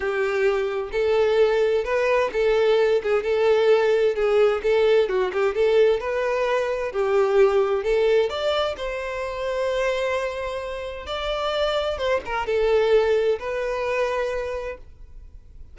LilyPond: \new Staff \with { instrumentName = "violin" } { \time 4/4 \tempo 4 = 130 g'2 a'2 | b'4 a'4. gis'8 a'4~ | a'4 gis'4 a'4 fis'8 g'8 | a'4 b'2 g'4~ |
g'4 a'4 d''4 c''4~ | c''1 | d''2 c''8 ais'8 a'4~ | a'4 b'2. | }